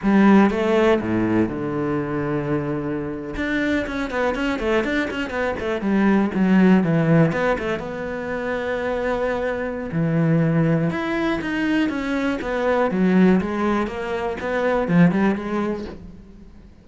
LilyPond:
\new Staff \with { instrumentName = "cello" } { \time 4/4 \tempo 4 = 121 g4 a4 a,4 d4~ | d2~ d8. d'4 cis'16~ | cis'16 b8 cis'8 a8 d'8 cis'8 b8 a8 g16~ | g8. fis4 e4 b8 a8 b16~ |
b1 | e2 e'4 dis'4 | cis'4 b4 fis4 gis4 | ais4 b4 f8 g8 gis4 | }